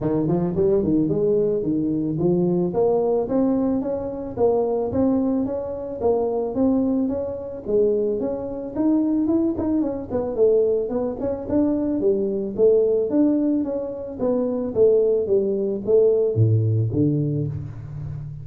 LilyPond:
\new Staff \with { instrumentName = "tuba" } { \time 4/4 \tempo 4 = 110 dis8 f8 g8 dis8 gis4 dis4 | f4 ais4 c'4 cis'4 | ais4 c'4 cis'4 ais4 | c'4 cis'4 gis4 cis'4 |
dis'4 e'8 dis'8 cis'8 b8 a4 | b8 cis'8 d'4 g4 a4 | d'4 cis'4 b4 a4 | g4 a4 a,4 d4 | }